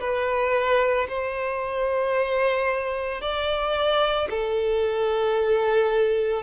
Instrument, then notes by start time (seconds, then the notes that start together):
violin
0.00 B4
1.09 C5
3.21 D5
4.30 A4